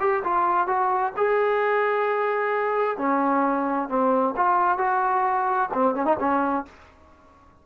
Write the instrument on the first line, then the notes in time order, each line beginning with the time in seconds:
trombone
0.00 G4
0.24 F4
0.67 F#4
1.17 G#4
2.98 C#4
3.89 C4
4.36 F4
4.78 F#4
5.73 C4
5.95 C#4
6.05 D#4
6.19 C#4